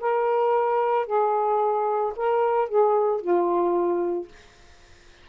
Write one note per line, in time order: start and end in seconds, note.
0.00 1.06 A#4
1.06 2.13 G#4
2.16 2.68 A#4
2.68 3.21 G#4
3.21 4.28 F4